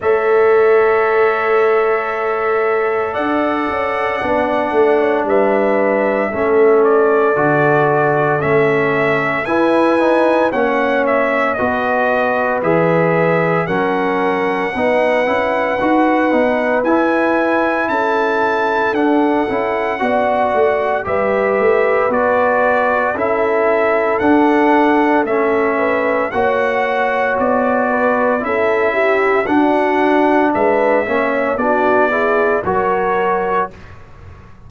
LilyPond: <<
  \new Staff \with { instrumentName = "trumpet" } { \time 4/4 \tempo 4 = 57 e''2. fis''4~ | fis''4 e''4. d''4. | e''4 gis''4 fis''8 e''8 dis''4 | e''4 fis''2. |
gis''4 a''4 fis''2 | e''4 d''4 e''4 fis''4 | e''4 fis''4 d''4 e''4 | fis''4 e''4 d''4 cis''4 | }
  \new Staff \with { instrumentName = "horn" } { \time 4/4 cis''2. d''4~ | d''8. cis''16 b'4 a'2~ | a'4 b'4 cis''4 b'4~ | b'4 ais'4 b'2~ |
b'4 a'2 d''4 | b'2 a'2~ | a'8 b'8 cis''4. b'8 a'8 g'8 | fis'4 b'8 cis''8 fis'8 gis'8 ais'4 | }
  \new Staff \with { instrumentName = "trombone" } { \time 4/4 a'1 | d'2 cis'4 fis'4 | cis'4 e'8 dis'8 cis'4 fis'4 | gis'4 cis'4 dis'8 e'8 fis'8 dis'8 |
e'2 d'8 e'8 fis'4 | g'4 fis'4 e'4 d'4 | cis'4 fis'2 e'4 | d'4. cis'8 d'8 e'8 fis'4 | }
  \new Staff \with { instrumentName = "tuba" } { \time 4/4 a2. d'8 cis'8 | b8 a8 g4 a4 d4 | a4 e'4 ais4 b4 | e4 fis4 b8 cis'8 dis'8 b8 |
e'4 cis'4 d'8 cis'8 b8 a8 | g8 a8 b4 cis'4 d'4 | a4 ais4 b4 cis'4 | d'4 gis8 ais8 b4 fis4 | }
>>